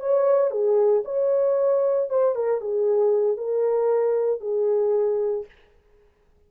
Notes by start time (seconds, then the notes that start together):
0.00 C#5
0.51 G#4
1.05 C#5
2.10 C5
2.35 A#4
2.61 G#4
3.37 A#4
4.40 G#4